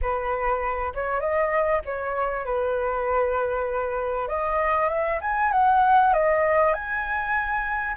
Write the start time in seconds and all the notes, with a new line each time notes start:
0.01 B4
0.94 C#5
1.20 D#5
1.85 C#5
2.45 B4
4.28 D#5
4.89 E5
5.21 G#5
5.52 F#5
6.13 D#5
6.73 G#5